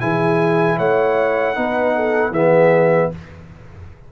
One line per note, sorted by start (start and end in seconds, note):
0.00 0.79 E3
0.00 1.55 E4
0.00 0.78 G#4
0.00 0.78 G#5
0.78 1.57 A3
0.78 1.56 C#5
0.78 2.34 F#5
1.55 2.31 B3
1.55 2.33 D#4
1.55 1.95 B4
1.96 2.32 A4
2.31 3.08 E3
2.31 3.12 B3
2.31 3.10 G#4
2.31 3.12 E5